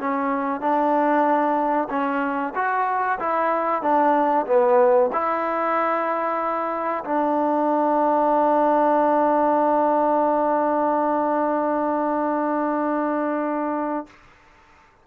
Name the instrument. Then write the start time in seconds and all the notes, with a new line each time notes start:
trombone
0.00 C#4
0.61 D4
1.89 C#4
2.55 F#4
3.19 E4
3.82 D4
4.47 B3
5.12 E4
7.04 D4